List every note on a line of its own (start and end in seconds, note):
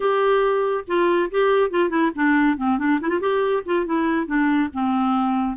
0.00 0.84 G4
0.87 1.30 F4
1.30 1.70 G4
1.70 1.89 F4
1.89 2.11 E4
2.15 2.57 D4
2.57 2.78 C4
2.78 2.99 D4
3.00 3.09 E4
3.09 3.19 F4
3.20 3.63 G4
3.65 3.85 F4
3.85 4.26 E4
4.26 4.69 D4
4.73 5.57 C4